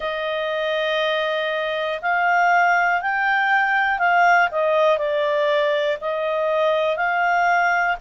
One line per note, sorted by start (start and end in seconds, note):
0.00 2.00 D#5
2.01 3.01 F5
3.01 3.98 G5
3.98 4.48 F5
4.50 4.98 D#5
4.98 5.98 D5
6.00 6.96 D#5
6.96 7.96 F5